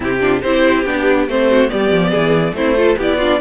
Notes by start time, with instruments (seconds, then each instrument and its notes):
0.00 cello C3, viola C4, violin E4 G4
0.20 viola D4, violin F4
0.41 cello C4, viola E4, violin G4 C5
0.85 cello B3, viola D4, violin G4
1.27 cello A3, viola C4, violin C5
1.49 violin F#4
1.67 cello G3, viola B3, violin G4 D5
1.91 cello F3
2.10 cello E3, violin G#4
2.52 cello A3, viola C4, violin E4 C5
2.76 viola F4, violin A4
2.97 cello B3, viola E4, violin G4 D5
3.17 viola D4, violin F4